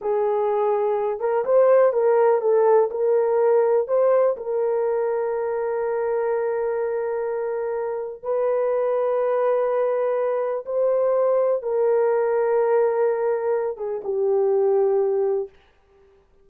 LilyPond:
\new Staff \with { instrumentName = "horn" } { \time 4/4 \tempo 4 = 124 gis'2~ gis'8 ais'8 c''4 | ais'4 a'4 ais'2 | c''4 ais'2.~ | ais'1~ |
ais'4 b'2.~ | b'2 c''2 | ais'1~ | ais'8 gis'8 g'2. | }